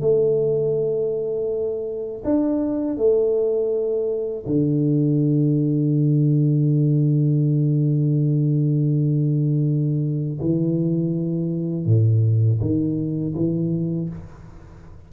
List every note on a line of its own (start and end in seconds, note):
0.00 2.22 A3
2.24 2.97 D4
2.97 4.45 A3
4.46 10.39 D3
10.40 11.86 E3
11.86 12.60 A2
12.60 13.34 D#3
13.35 14.09 E3